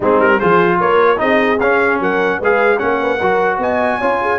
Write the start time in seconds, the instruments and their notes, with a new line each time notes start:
0.00 tuba G#3, trombone C4, horn D#4, trumpet G#4
0.19 tuba G3, trumpet A#4
0.39 tuba F3, trombone F4, horn G#4, trumpet C5
0.80 tuba A#3, horn A#4, trumpet C#5
1.16 tuba C4, trombone D#4, horn G#4, trumpet D#5
1.59 tuba C#4, trombone C#4, trumpet F5
1.99 tuba F#3, horn A#4, trumpet F#5
2.38 tuba G#3, trombone G#4, horn B4, trumpet F5
2.78 tuba A#3, trombone C#4, horn C#5, trumpet F#5
3.01 horn B4
3.18 tuba F#3, trombone F#4, horn A#4
3.58 tuba B3, horn D#5, trumpet G#5
3.98 tuba C#4, trombone F4, horn C#5
4.21 horn G#4